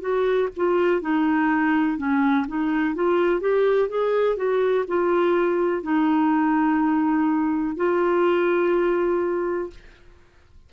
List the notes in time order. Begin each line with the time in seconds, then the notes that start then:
0.00 F#4
0.56 F4
1.01 D#4
1.97 C#4
2.48 D#4
2.94 F4
3.40 G4
3.88 G#4
4.36 F#4
4.87 F4
5.82 D#4
7.76 F4